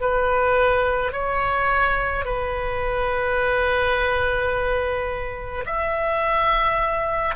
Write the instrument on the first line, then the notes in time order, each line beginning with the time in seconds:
oboe
0.00 B4
1.12 C#5
2.25 B4
5.66 E5